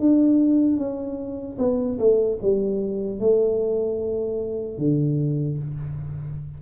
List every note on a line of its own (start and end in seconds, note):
0.00 0.77 D4
0.77 1.57 C#4
1.59 1.99 B3
1.99 2.39 A3
2.42 3.20 G3
3.20 4.79 A3
4.79 5.59 D3